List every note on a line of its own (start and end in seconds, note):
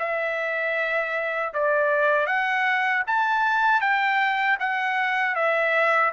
0.00 1.54 E5
1.54 2.27 D5
2.27 3.04 F#5
3.07 3.81 A5
3.81 4.58 G5
4.60 5.36 F#5
5.36 6.13 E5